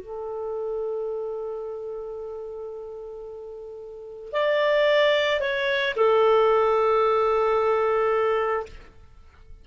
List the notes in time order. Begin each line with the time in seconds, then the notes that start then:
0.00 A4
4.32 D5
5.40 C#5
5.96 A4